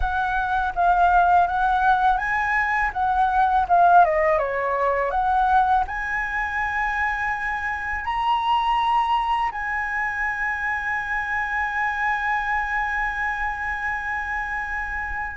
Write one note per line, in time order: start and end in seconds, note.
0.00 0.73 F#5
0.75 1.47 F5
1.47 2.17 F#5
2.17 2.90 G#5
2.93 3.66 F#5
3.68 4.04 F5
4.04 4.38 D#5
4.38 5.11 C#5
5.11 5.84 F#5
5.87 8.04 G#5
8.04 9.51 A#5
9.51 15.36 G#5